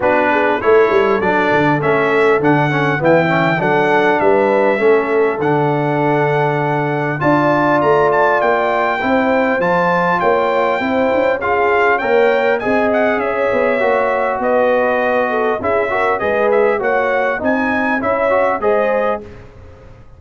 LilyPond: <<
  \new Staff \with { instrumentName = "trumpet" } { \time 4/4 \tempo 4 = 100 b'4 cis''4 d''4 e''4 | fis''4 g''4 fis''4 e''4~ | e''4 fis''2. | a''4 ais''8 a''8 g''2 |
a''4 g''2 f''4 | g''4 gis''8 fis''8 e''2 | dis''2 e''4 dis''8 e''8 | fis''4 gis''4 e''4 dis''4 | }
  \new Staff \with { instrumentName = "horn" } { \time 4/4 fis'8 gis'8 a'2.~ | a'4 e''4 a'4 b'4 | a'1 | d''2. c''4~ |
c''4 cis''4 c''4 gis'4 | cis''4 dis''4 cis''2 | b'4. a'8 gis'8 ais'8 b'4 | cis''4 dis''4 cis''4 c''4 | }
  \new Staff \with { instrumentName = "trombone" } { \time 4/4 d'4 e'4 d'4 cis'4 | d'8 cis'8 b8 cis'8 d'2 | cis'4 d'2. | f'2. e'4 |
f'2 e'4 f'4 | ais'4 gis'2 fis'4~ | fis'2 e'8 fis'8 gis'4 | fis'4 dis'4 e'8 fis'8 gis'4 | }
  \new Staff \with { instrumentName = "tuba" } { \time 4/4 b4 a8 g8 fis8 d8 a4 | d4 e4 fis4 g4 | a4 d2. | d'4 a4 ais4 c'4 |
f4 ais4 c'8 cis'4. | ais4 c'4 cis'8 b8 ais4 | b2 cis'4 gis4 | ais4 c'4 cis'4 gis4 | }
>>